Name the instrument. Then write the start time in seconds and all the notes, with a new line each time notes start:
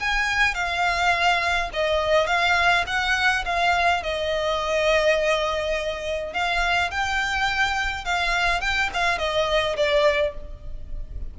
violin
0.00 G#5
0.55 F5
1.74 D#5
2.27 F5
2.87 F#5
3.46 F5
4.03 D#5
6.34 F5
6.91 G5
8.05 F5
8.61 G5
8.94 F5
9.19 D#5
9.77 D5